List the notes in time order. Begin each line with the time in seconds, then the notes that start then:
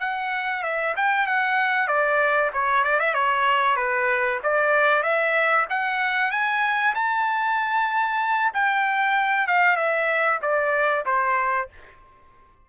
0.00 F#5
0.63 E5
0.97 G5
1.27 F#5
1.88 D5
2.53 C#5
2.84 D5
3.00 E5
3.14 C#5
3.76 B4
4.43 D5
5.03 E5
5.70 F#5
6.31 G#5
6.95 A5
8.54 G5
9.47 F5
9.76 E5
10.42 D5
11.06 C5